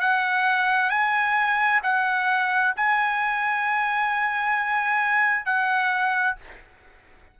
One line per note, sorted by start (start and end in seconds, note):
0.00 0.90 F#5
0.90 1.81 G#5
1.83 2.74 F#5
2.76 5.45 G#5
5.45 6.36 F#5